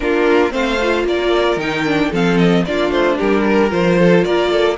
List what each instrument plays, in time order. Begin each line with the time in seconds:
0.00 cello A#3, viola D4, violin F4 A#4
0.50 cello A3, viola C4, violin C5 F5
0.82 viola F4
1.04 cello A#3, violin A#4 D5
1.56 cello D#3, viola D#4, violin G5
1.85 viola D4
2.10 cello F3, viola C4, violin A4 F5
2.37 violin D#5
2.65 cello A#3, viola D4, violin F4 D5
2.90 cello A3, violin C5
3.17 cello G3, violin G4 A#4
3.46 violin A#4
3.69 cello F3, viola F4, violin C5
3.99 violin A4
4.23 cello A#3, violin A#4 D5
4.50 violin A4